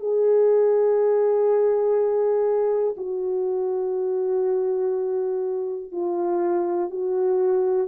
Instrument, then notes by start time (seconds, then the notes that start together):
horn
0.00 G#4
2.97 F#4
5.92 F4
6.90 F#4